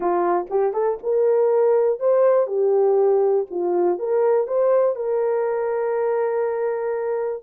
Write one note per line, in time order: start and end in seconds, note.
0.00 0.46 F4
0.50 0.73 G4
0.73 0.98 A4
1.03 1.99 A#4
1.99 2.46 C5
2.46 3.46 G4
3.50 3.98 F4
3.98 4.47 A#4
4.47 4.95 C5
4.95 7.43 A#4